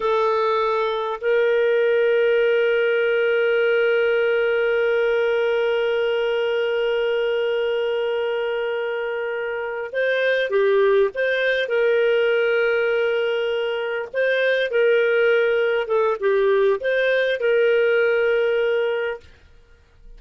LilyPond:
\new Staff \with { instrumentName = "clarinet" } { \time 4/4 \tempo 4 = 100 a'2 ais'2~ | ais'1~ | ais'1~ | ais'1~ |
ais'8 c''4 g'4 c''4 ais'8~ | ais'2.~ ais'8 c''8~ | c''8 ais'2 a'8 g'4 | c''4 ais'2. | }